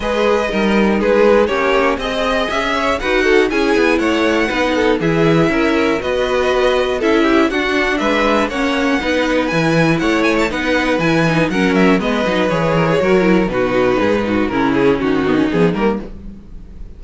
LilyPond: <<
  \new Staff \with { instrumentName = "violin" } { \time 4/4 \tempo 4 = 120 dis''2 b'4 cis''4 | dis''4 e''4 fis''4 gis''4 | fis''2 e''2 | dis''2 e''4 fis''4 |
e''4 fis''2 gis''4 | fis''8 gis''16 a''16 fis''4 gis''4 fis''8 e''8 | dis''4 cis''2 b'4~ | b'4 ais'8 gis'8 fis'4 gis'8 ais'8 | }
  \new Staff \with { instrumentName = "violin" } { \time 4/4 b'4 ais'4 gis'4 g'4 | dis''4. cis''8 b'8 a'8 gis'4 | cis''4 b'8 a'8 gis'4 ais'4 | b'2 a'8 g'8 fis'4 |
b'4 cis''4 b'2 | cis''4 b'2 ais'4 | b'4. ais'16 gis'16 ais'4 fis'4 | gis'8 fis'8 e'4 dis'2 | }
  \new Staff \with { instrumentName = "viola" } { \time 4/4 gis'4 dis'2 cis'4 | gis'2 fis'4 e'4~ | e'4 dis'4 e'2 | fis'2 e'4 d'4~ |
d'4 cis'4 dis'4 e'4~ | e'4 dis'4 e'8 dis'8 cis'4 | b8 dis'8 gis'4 fis'8 e'8 dis'4~ | dis'4 cis'4. b16 cis'16 b8 ais8 | }
  \new Staff \with { instrumentName = "cello" } { \time 4/4 gis4 g4 gis4 ais4 | c'4 cis'4 dis'4 cis'8 b8 | a4 b4 e4 cis'4 | b2 cis'4 d'4 |
gis4 ais4 b4 e4 | a4 b4 e4 fis4 | gis8 fis8 e4 fis4 b,4 | gis,4 cis4 dis4 f8 g8 | }
>>